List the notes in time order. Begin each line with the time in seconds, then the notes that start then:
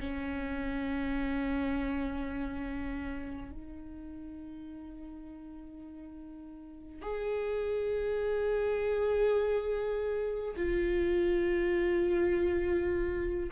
0.00 C#4
3.51 D#4
7.02 G#4
10.56 F4